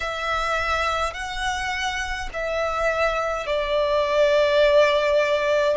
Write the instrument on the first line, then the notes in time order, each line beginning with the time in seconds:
violin
0.00 E5
1.13 F#5
2.33 E5
3.46 D5